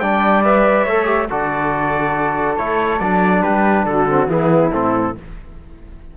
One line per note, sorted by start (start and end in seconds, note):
0.00 0.86 G3
0.00 0.45 D4
0.00 0.85 D5
0.00 0.43 G5
0.44 0.87 B4
0.44 1.30 E5
0.85 1.29 A3
0.85 1.04 A4
0.85 1.28 C#5
1.04 1.26 G4
1.29 2.59 D3
1.29 2.57 F#4
1.29 3.41 A4
1.29 2.57 D5
2.57 3.00 A3
2.57 3.00 E4
2.57 3.00 C#5
3.00 3.43 F#3
3.00 4.08 D4
3.00 3.42 D5
3.41 3.86 G3
3.41 3.84 G4
3.41 3.85 B4
3.86 4.27 D3
3.86 4.30 F#4
3.86 4.28 A4
4.08 4.28 C4
4.27 4.70 E3
4.27 4.71 B3
4.27 5.16 E4
4.27 4.73 G#4
4.72 5.16 A2
4.72 5.15 C4
4.72 5.17 A4